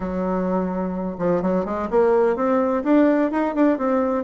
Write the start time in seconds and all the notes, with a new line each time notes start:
0.00 F#3
1.18 F3
1.42 F#3
1.65 G#3
1.90 A#3
2.35 C4
2.83 D4
3.31 D#4
3.55 D4
3.78 C4